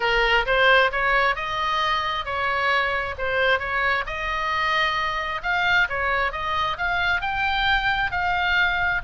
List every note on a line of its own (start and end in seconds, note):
0.00 0.45 A#4
0.46 0.91 C5
0.91 1.35 C#5
1.35 2.25 D#5
2.25 3.15 C#5
3.17 3.59 C5
3.59 4.04 C#5
4.06 5.41 D#5
5.42 5.87 F5
5.89 6.32 C#5
6.32 6.77 D#5
6.77 7.21 F5
7.21 8.11 G5
8.11 9.01 F5